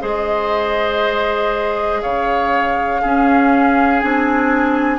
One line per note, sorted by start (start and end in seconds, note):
0.00 2.02 G#3
0.00 3.00 G#4
0.00 2.01 C5
0.00 2.01 D#5
2.01 3.03 C#3
2.01 3.01 C#5
2.01 4.00 F5
3.01 4.01 C#4
3.01 4.03 C#4
3.01 4.98 G#4
4.00 4.98 C4
4.00 4.98 D4
4.00 4.98 G#5